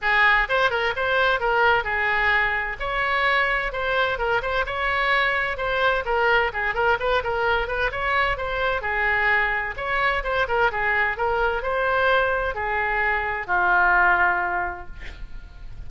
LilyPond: \new Staff \with { instrumentName = "oboe" } { \time 4/4 \tempo 4 = 129 gis'4 c''8 ais'8 c''4 ais'4 | gis'2 cis''2 | c''4 ais'8 c''8 cis''2 | c''4 ais'4 gis'8 ais'8 b'8 ais'8~ |
ais'8 b'8 cis''4 c''4 gis'4~ | gis'4 cis''4 c''8 ais'8 gis'4 | ais'4 c''2 gis'4~ | gis'4 f'2. | }